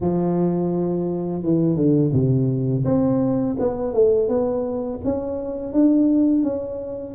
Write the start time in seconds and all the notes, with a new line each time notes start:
0.01 F3
1.43 E3
1.75 D3
2.12 C3
2.84 C4
3.59 B3
3.93 A3
4.28 B3
5.04 C#4
5.72 D4
6.43 C#4